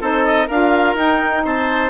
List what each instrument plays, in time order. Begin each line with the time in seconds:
0.00 bassoon C4, saxophone D#4, oboe A4, clarinet C5
0.25 clarinet D#5
0.47 bassoon D4, saxophone F4, oboe A#4, clarinet F5
0.94 bassoon D#4, saxophone D#4, clarinet G5
1.45 bassoon C4, oboe C5, clarinet A5